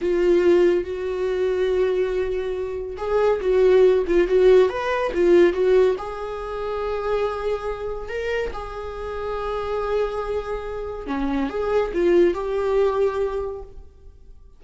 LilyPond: \new Staff \with { instrumentName = "viola" } { \time 4/4 \tempo 4 = 141 f'2 fis'2~ | fis'2. gis'4 | fis'4. f'8 fis'4 b'4 | f'4 fis'4 gis'2~ |
gis'2. ais'4 | gis'1~ | gis'2 cis'4 gis'4 | f'4 g'2. | }